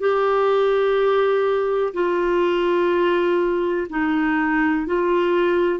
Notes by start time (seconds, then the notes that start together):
0.00 G4
1.94 F4
3.90 D#4
4.87 F4